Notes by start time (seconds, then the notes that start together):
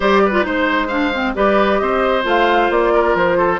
0.00 G3 G4 C5 D5
0.25 B4
0.31 F4
0.42 G#3 D#4 C5
0.49 C5
0.87 D4 F5
1.13 C4
1.35 G3 G4 B4 D5
1.78 C4 C5 D#5
2.23 A3 F4 F5
2.70 A#3 D5
2.93 A#4
3.14 F3 C5
3.37 A4